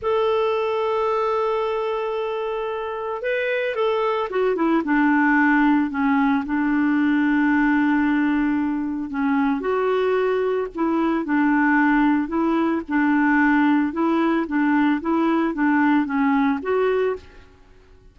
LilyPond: \new Staff \with { instrumentName = "clarinet" } { \time 4/4 \tempo 4 = 112 a'1~ | a'2 b'4 a'4 | fis'8 e'8 d'2 cis'4 | d'1~ |
d'4 cis'4 fis'2 | e'4 d'2 e'4 | d'2 e'4 d'4 | e'4 d'4 cis'4 fis'4 | }